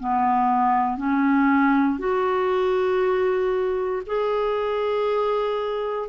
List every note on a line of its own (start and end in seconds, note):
0.00 0.98 B3
0.98 1.99 C#4
1.99 4.03 F#4
4.07 6.09 G#4